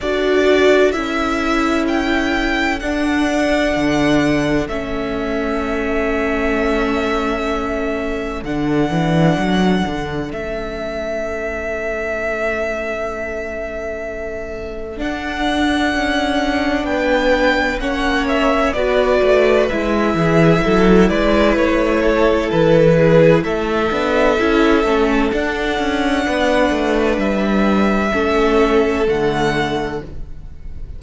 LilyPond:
<<
  \new Staff \with { instrumentName = "violin" } { \time 4/4 \tempo 4 = 64 d''4 e''4 g''4 fis''4~ | fis''4 e''2.~ | e''4 fis''2 e''4~ | e''1 |
fis''2 g''4 fis''8 e''8 | d''4 e''4. d''8 cis''4 | b'4 e''2 fis''4~ | fis''4 e''2 fis''4 | }
  \new Staff \with { instrumentName = "violin" } { \time 4/4 a'1~ | a'1~ | a'1~ | a'1~ |
a'2 b'4 cis''4 | b'4. gis'8 a'8 b'4 a'8~ | a'8 gis'8 a'2. | b'2 a'2 | }
  \new Staff \with { instrumentName = "viola" } { \time 4/4 fis'4 e'2 d'4~ | d'4 cis'2.~ | cis'4 d'2 cis'4~ | cis'1 |
d'2. cis'4 | fis'4 e'2.~ | e'4. d'8 e'8 cis'8 d'4~ | d'2 cis'4 a4 | }
  \new Staff \with { instrumentName = "cello" } { \time 4/4 d'4 cis'2 d'4 | d4 a2.~ | a4 d8 e8 fis8 d8 a4~ | a1 |
d'4 cis'4 b4 ais4 | b8 a8 gis8 e8 fis8 gis8 a4 | e4 a8 b8 cis'8 a8 d'8 cis'8 | b8 a8 g4 a4 d4 | }
>>